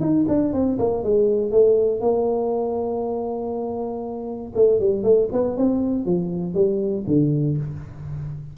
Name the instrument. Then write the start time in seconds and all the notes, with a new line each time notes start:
tuba
0.00 D#4
0.28 D4
0.53 C4
0.79 A#3
1.03 G#3
1.51 A3
2.01 A#3
4.55 A3
4.80 G3
5.03 A3
5.32 B3
5.57 C4
6.05 F3
6.54 G3
7.07 D3